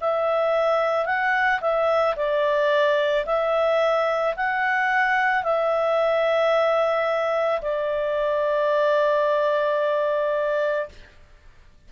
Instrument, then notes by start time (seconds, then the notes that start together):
clarinet
0.00 E5
1.05 F#5
1.60 E5
2.16 D5
3.25 E5
4.36 F#5
5.43 E5
7.61 D5